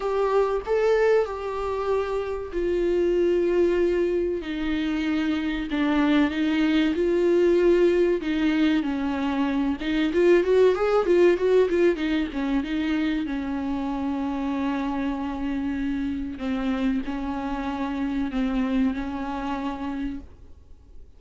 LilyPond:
\new Staff \with { instrumentName = "viola" } { \time 4/4 \tempo 4 = 95 g'4 a'4 g'2 | f'2. dis'4~ | dis'4 d'4 dis'4 f'4~ | f'4 dis'4 cis'4. dis'8 |
f'8 fis'8 gis'8 f'8 fis'8 f'8 dis'8 cis'8 | dis'4 cis'2.~ | cis'2 c'4 cis'4~ | cis'4 c'4 cis'2 | }